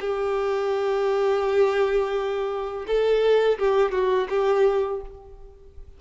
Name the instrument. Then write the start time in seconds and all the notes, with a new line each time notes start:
violin
0.00 G4
2.87 A4
3.58 G4
3.92 F#4
4.29 G4